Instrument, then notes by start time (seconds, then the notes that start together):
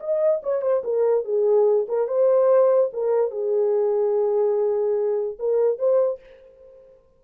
horn
0.00 D#5
0.43 C#5
0.62 C5
0.84 A#4
1.25 G#4
1.88 A#4
2.08 C5
2.93 A#4
3.31 G#4
5.39 A#4
5.79 C5